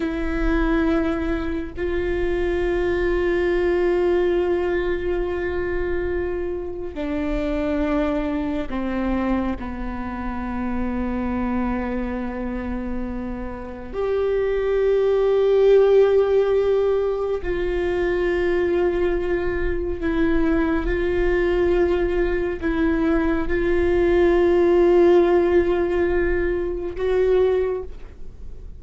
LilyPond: \new Staff \with { instrumentName = "viola" } { \time 4/4 \tempo 4 = 69 e'2 f'2~ | f'1 | d'2 c'4 b4~ | b1 |
g'1 | f'2. e'4 | f'2 e'4 f'4~ | f'2. fis'4 | }